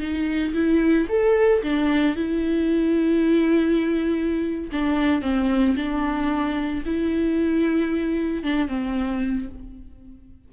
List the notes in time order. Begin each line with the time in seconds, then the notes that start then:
0.00 D#4
0.54 E4
1.09 A4
1.63 D4
2.16 E4
4.72 D4
5.22 C4
5.77 D4
6.85 E4
8.44 D4
8.68 C4